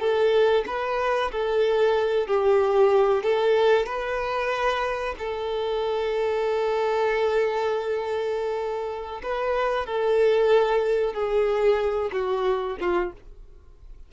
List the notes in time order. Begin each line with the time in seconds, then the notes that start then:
0.00 A4
0.67 B4
1.31 A4
2.27 G4
3.23 A4
3.86 B4
5.18 A4
9.23 B4
9.86 A4
11.13 G#4
12.12 F#4
12.80 F4